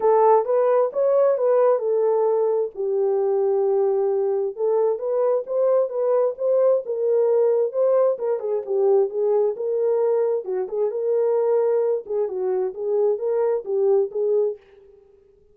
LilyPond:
\new Staff \with { instrumentName = "horn" } { \time 4/4 \tempo 4 = 132 a'4 b'4 cis''4 b'4 | a'2 g'2~ | g'2 a'4 b'4 | c''4 b'4 c''4 ais'4~ |
ais'4 c''4 ais'8 gis'8 g'4 | gis'4 ais'2 fis'8 gis'8 | ais'2~ ais'8 gis'8 fis'4 | gis'4 ais'4 g'4 gis'4 | }